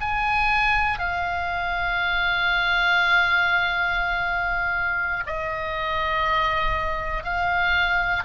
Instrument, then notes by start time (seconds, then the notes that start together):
oboe
0.00 G#5
0.99 F5
5.26 D#5
7.24 F5